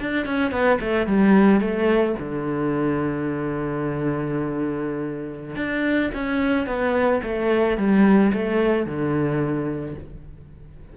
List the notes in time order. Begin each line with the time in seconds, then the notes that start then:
0.00 D4
0.26 C#4
0.51 B3
0.80 A3
1.06 G3
1.60 A3
2.19 D3
5.55 D4
6.14 C#4
6.66 B3
7.23 A3
7.77 G3
8.33 A3
8.85 D3